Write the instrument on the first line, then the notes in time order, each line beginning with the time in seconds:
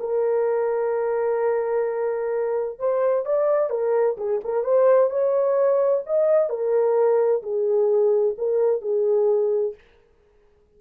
horn
0.00 A#4
2.79 C5
3.26 D5
3.70 A#4
4.18 G#4
4.44 A#4
4.64 C5
5.10 C#5
6.06 D#5
6.49 A#4
7.42 G#4
8.38 A#4
8.82 G#4